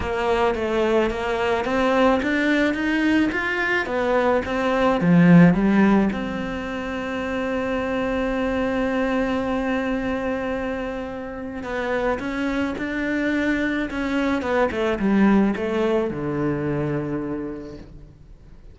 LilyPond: \new Staff \with { instrumentName = "cello" } { \time 4/4 \tempo 4 = 108 ais4 a4 ais4 c'4 | d'4 dis'4 f'4 b4 | c'4 f4 g4 c'4~ | c'1~ |
c'1~ | c'4 b4 cis'4 d'4~ | d'4 cis'4 b8 a8 g4 | a4 d2. | }